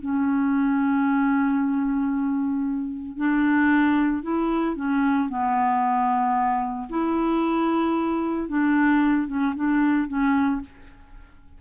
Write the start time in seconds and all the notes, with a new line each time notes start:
0.00 C#4
3.17 D4
4.23 E4
4.76 C#4
5.29 B3
6.90 E4
8.49 D4
9.28 C#4
9.56 D4
10.08 C#4